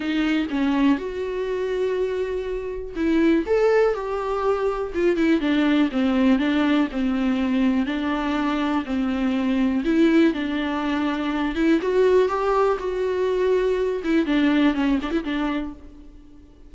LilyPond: \new Staff \with { instrumentName = "viola" } { \time 4/4 \tempo 4 = 122 dis'4 cis'4 fis'2~ | fis'2 e'4 a'4 | g'2 f'8 e'8 d'4 | c'4 d'4 c'2 |
d'2 c'2 | e'4 d'2~ d'8 e'8 | fis'4 g'4 fis'2~ | fis'8 e'8 d'4 cis'8 d'16 e'16 d'4 | }